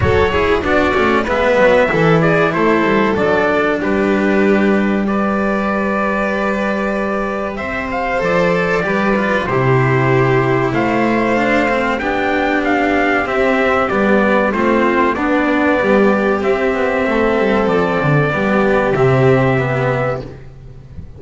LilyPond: <<
  \new Staff \with { instrumentName = "trumpet" } { \time 4/4 \tempo 4 = 95 cis''4 d''4 e''4. d''8 | c''4 d''4 b'2 | d''1 | e''8 f''8 d''2 c''4~ |
c''4 f''2 g''4 | f''4 e''4 d''4 c''4 | d''2 e''2 | d''2 e''2 | }
  \new Staff \with { instrumentName = "violin" } { \time 4/4 a'8 gis'8 fis'4 b'4 a'8 gis'8 | a'2 g'2 | b'1 | c''2 b'4 g'4~ |
g'4 c''2 g'4~ | g'2. f'4 | d'4 g'2 a'4~ | a'4 g'2. | }
  \new Staff \with { instrumentName = "cello" } { \time 4/4 fis'8 e'8 d'8 cis'8 b4 e'4~ | e'4 d'2. | g'1~ | g'4 a'4 g'8 f'8 e'4~ |
e'2 d'8 c'8 d'4~ | d'4 c'4 b4 c'4 | b2 c'2~ | c'4 b4 c'4 b4 | }
  \new Staff \with { instrumentName = "double bass" } { \time 4/4 fis4 b8 a8 gis8 fis8 e4 | a8 g8 fis4 g2~ | g1 | c'4 f4 g4 c4~ |
c4 a2 b4~ | b4 c'4 g4 a4 | b4 g4 c'8 b8 a8 g8 | f8 d8 g4 c2 | }
>>